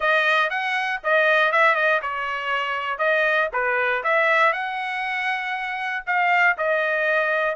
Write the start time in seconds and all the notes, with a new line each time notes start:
0.00 D#5
0.50 F#5
1.03 D#5
1.52 E5
1.75 D#5
2.02 C#5
2.98 D#5
3.52 B4
4.03 E5
4.52 F#5
6.06 F5
6.57 D#5